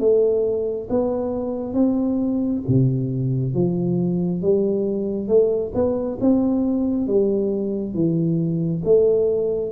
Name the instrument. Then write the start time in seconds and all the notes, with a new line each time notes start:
tuba
0.00 A3
0.90 B3
1.74 C4
2.68 C3
3.54 F3
4.42 G3
5.28 A3
5.75 B3
6.21 C4
7.07 G3
7.94 E3
8.84 A3